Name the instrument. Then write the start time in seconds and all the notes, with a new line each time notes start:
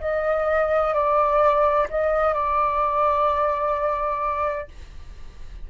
flute
0.00 D#5
0.94 D5
1.90 D#5
2.34 D5